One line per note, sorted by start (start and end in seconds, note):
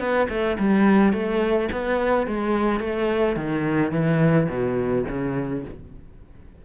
0.00 0.28 B3
0.30 0.58 A3
0.59 1.13 G3
1.13 1.69 A3
1.72 2.27 B3
2.27 2.81 G#3
2.81 3.36 A3
3.36 3.92 D#3
3.92 4.48 E3
4.49 5.05 B2
5.09 5.65 C#3